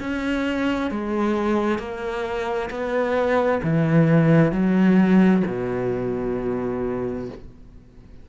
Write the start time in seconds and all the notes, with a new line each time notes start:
0.00 C#4
0.91 G#3
1.79 A#3
2.71 B3
3.64 E3
4.52 F#3
5.47 B2